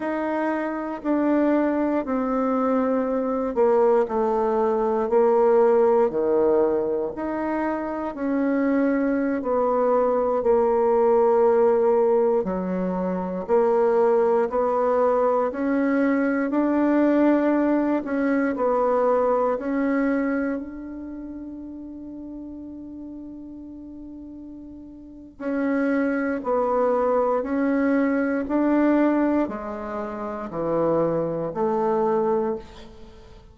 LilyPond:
\new Staff \with { instrumentName = "bassoon" } { \time 4/4 \tempo 4 = 59 dis'4 d'4 c'4. ais8 | a4 ais4 dis4 dis'4 | cis'4~ cis'16 b4 ais4.~ ais16~ | ais16 fis4 ais4 b4 cis'8.~ |
cis'16 d'4. cis'8 b4 cis'8.~ | cis'16 d'2.~ d'8.~ | d'4 cis'4 b4 cis'4 | d'4 gis4 e4 a4 | }